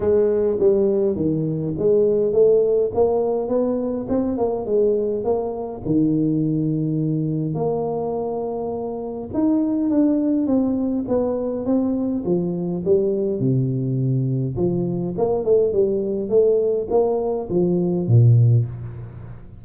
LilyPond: \new Staff \with { instrumentName = "tuba" } { \time 4/4 \tempo 4 = 103 gis4 g4 dis4 gis4 | a4 ais4 b4 c'8 ais8 | gis4 ais4 dis2~ | dis4 ais2. |
dis'4 d'4 c'4 b4 | c'4 f4 g4 c4~ | c4 f4 ais8 a8 g4 | a4 ais4 f4 ais,4 | }